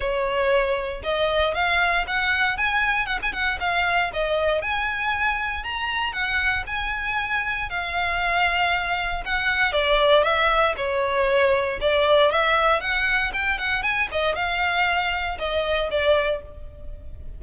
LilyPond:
\new Staff \with { instrumentName = "violin" } { \time 4/4 \tempo 4 = 117 cis''2 dis''4 f''4 | fis''4 gis''4 fis''16 gis''16 fis''8 f''4 | dis''4 gis''2 ais''4 | fis''4 gis''2 f''4~ |
f''2 fis''4 d''4 | e''4 cis''2 d''4 | e''4 fis''4 g''8 fis''8 gis''8 dis''8 | f''2 dis''4 d''4 | }